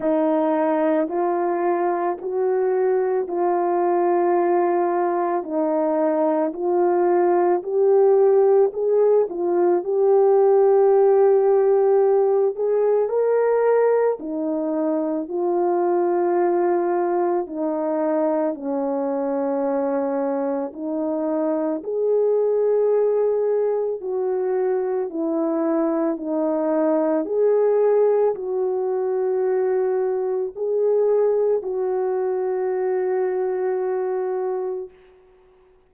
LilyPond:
\new Staff \with { instrumentName = "horn" } { \time 4/4 \tempo 4 = 55 dis'4 f'4 fis'4 f'4~ | f'4 dis'4 f'4 g'4 | gis'8 f'8 g'2~ g'8 gis'8 | ais'4 dis'4 f'2 |
dis'4 cis'2 dis'4 | gis'2 fis'4 e'4 | dis'4 gis'4 fis'2 | gis'4 fis'2. | }